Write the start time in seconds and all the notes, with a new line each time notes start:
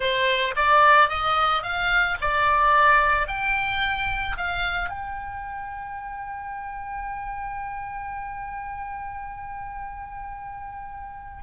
0.00 C5
0.56 D5
1.09 D#5
1.62 F5
2.21 D5
3.27 G5
4.37 F5
4.89 G5